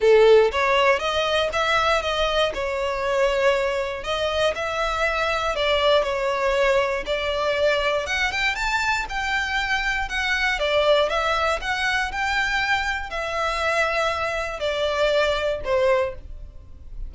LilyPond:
\new Staff \with { instrumentName = "violin" } { \time 4/4 \tempo 4 = 119 a'4 cis''4 dis''4 e''4 | dis''4 cis''2. | dis''4 e''2 d''4 | cis''2 d''2 |
fis''8 g''8 a''4 g''2 | fis''4 d''4 e''4 fis''4 | g''2 e''2~ | e''4 d''2 c''4 | }